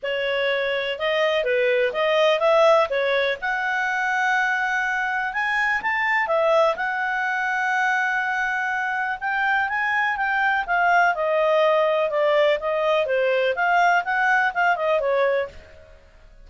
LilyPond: \new Staff \with { instrumentName = "clarinet" } { \time 4/4 \tempo 4 = 124 cis''2 dis''4 b'4 | dis''4 e''4 cis''4 fis''4~ | fis''2. gis''4 | a''4 e''4 fis''2~ |
fis''2. g''4 | gis''4 g''4 f''4 dis''4~ | dis''4 d''4 dis''4 c''4 | f''4 fis''4 f''8 dis''8 cis''4 | }